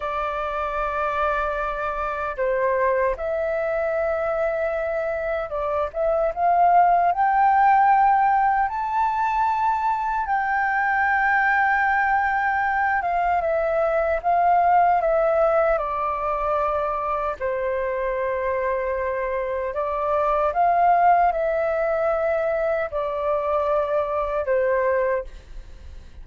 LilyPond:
\new Staff \with { instrumentName = "flute" } { \time 4/4 \tempo 4 = 76 d''2. c''4 | e''2. d''8 e''8 | f''4 g''2 a''4~ | a''4 g''2.~ |
g''8 f''8 e''4 f''4 e''4 | d''2 c''2~ | c''4 d''4 f''4 e''4~ | e''4 d''2 c''4 | }